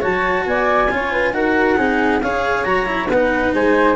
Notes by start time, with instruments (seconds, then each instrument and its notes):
0.00 tuba F#3, cello F#4, flute C#5, clarinet A5
0.46 tuba B3, flute D5, clarinet G#5
0.90 tuba C#4, cello F4, flute C#5
1.11 flute B4
1.33 tuba D#4, cello F#4, flute A#4, clarinet F#5
1.77 tuba C4, cello D#4, flute G#4
2.21 tuba C#4, cello G#4, flute C#5, clarinet F5
2.63 tuba F#3, cello F#4, clarinet A#5
2.86 cello E4
3.08 tuba B3, cello D#4, flute B4, clarinet F#5
3.53 tuba G#3, flute C5, clarinet G#5